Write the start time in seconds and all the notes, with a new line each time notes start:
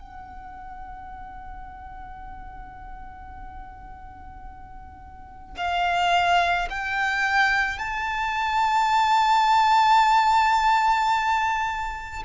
0.00 F#5
5.57 F5
6.70 G5
7.79 A5